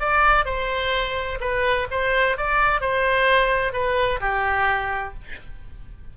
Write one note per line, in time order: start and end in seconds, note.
0.00 0.45 D5
0.45 1.39 C5
1.40 1.87 B4
1.91 2.37 C5
2.37 2.81 D5
2.81 3.73 C5
3.73 4.20 B4
4.20 5.14 G4